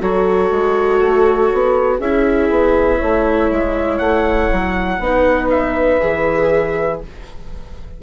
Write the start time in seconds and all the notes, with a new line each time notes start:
0.00 F#3 F#4 A4 C#5
0.51 G#3
1.00 A3
1.53 B3
1.98 C#4 E4 G#4 E5
2.50 B3
2.98 A3 C#5
3.51 G#3
3.98 A3 F#5
4.52 F#3
4.99 B3 D#4 B4
5.50 E5
6.00 E3 G#4